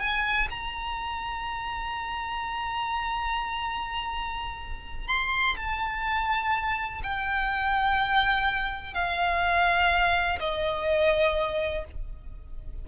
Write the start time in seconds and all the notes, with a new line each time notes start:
0.00 G#5
0.51 A#5
5.08 C6
5.57 A5
7.04 G5
8.94 F5
10.40 D#5